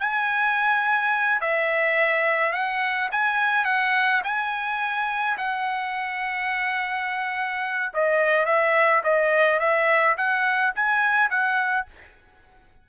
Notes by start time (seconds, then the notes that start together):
0.00 G#5
1.41 E5
2.52 F#5
3.12 G#5
3.65 F#5
4.24 G#5
5.38 F#5
7.93 D#5
8.46 E5
9.04 D#5
9.59 E5
10.17 F#5
10.75 G#5
11.30 F#5